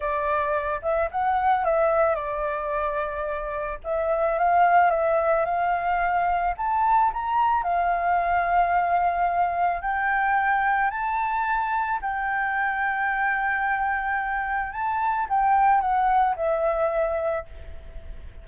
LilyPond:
\new Staff \with { instrumentName = "flute" } { \time 4/4 \tempo 4 = 110 d''4. e''8 fis''4 e''4 | d''2. e''4 | f''4 e''4 f''2 | a''4 ais''4 f''2~ |
f''2 g''2 | a''2 g''2~ | g''2. a''4 | g''4 fis''4 e''2 | }